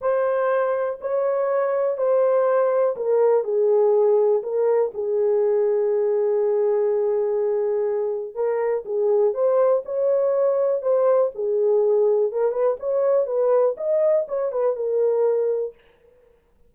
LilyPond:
\new Staff \with { instrumentName = "horn" } { \time 4/4 \tempo 4 = 122 c''2 cis''2 | c''2 ais'4 gis'4~ | gis'4 ais'4 gis'2~ | gis'1~ |
gis'4 ais'4 gis'4 c''4 | cis''2 c''4 gis'4~ | gis'4 ais'8 b'8 cis''4 b'4 | dis''4 cis''8 b'8 ais'2 | }